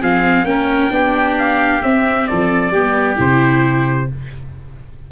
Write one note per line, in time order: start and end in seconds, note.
0.00 0.44 F3
0.00 0.45 C4
0.00 0.45 G#4
0.00 0.45 F5
0.44 0.89 A#3
0.44 0.90 C#4
0.44 0.93 A#4
0.44 1.36 G5
0.90 1.81 B3
0.90 1.81 D4
0.90 2.29 G4
1.38 1.82 F5
1.82 2.73 C4
1.82 2.27 C4
1.82 2.26 E5
2.26 2.70 F3
2.26 2.72 A4
2.26 3.17 D5
2.70 3.15 G3
2.70 3.15 B3
2.70 4.09 G4
3.15 4.09 C3
3.15 4.06 E4
3.15 4.11 C5